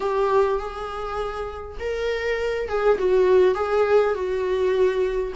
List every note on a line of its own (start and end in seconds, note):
0.00 0.58 G4
0.58 1.77 G#4
1.79 2.68 A#4
2.68 2.98 G#4
2.98 3.55 F#4
3.55 4.14 G#4
4.14 5.33 F#4